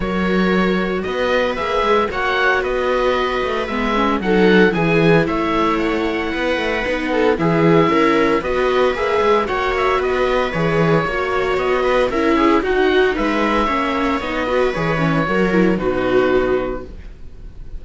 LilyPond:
<<
  \new Staff \with { instrumentName = "oboe" } { \time 4/4 \tempo 4 = 114 cis''2 dis''4 e''4 | fis''4 dis''2 e''4 | fis''4 gis''4 e''4 fis''4~ | fis''2 e''2 |
dis''4 e''4 fis''8 e''8 dis''4 | cis''2 dis''4 e''4 | fis''4 e''2 dis''4 | cis''2 b'2 | }
  \new Staff \with { instrumentName = "viola" } { \time 4/4 ais'2 b'2 | cis''4 b'2. | a'4 gis'4 cis''2 | b'4. a'8 gis'4 ais'4 |
b'2 cis''4 b'4~ | b'4 cis''4. b'8 ais'8 gis'8 | fis'4 b'4 cis''4. b'8~ | b'4 ais'4 fis'2 | }
  \new Staff \with { instrumentName = "viola" } { \time 4/4 fis'2. gis'4 | fis'2. b8 cis'8 | dis'4 e'2.~ | e'4 dis'4 e'2 |
fis'4 gis'4 fis'2 | gis'4 fis'2 e'4 | dis'2 cis'4 dis'8 fis'8 | gis'8 cis'8 fis'8 e'8 dis'2 | }
  \new Staff \with { instrumentName = "cello" } { \time 4/4 fis2 b4 ais8 gis8 | ais4 b4. a8 gis4 | fis4 e4 a2 | b8 a8 b4 e4 cis'4 |
b4 ais8 gis8 ais4 b4 | e4 ais4 b4 cis'4 | dis'4 gis4 ais4 b4 | e4 fis4 b,2 | }
>>